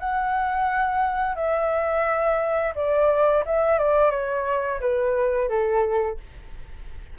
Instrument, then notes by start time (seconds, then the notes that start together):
flute
0.00 F#5
1.36 E5
2.75 D5
3.45 E5
3.79 D5
4.11 C#5
4.81 B4
5.49 A4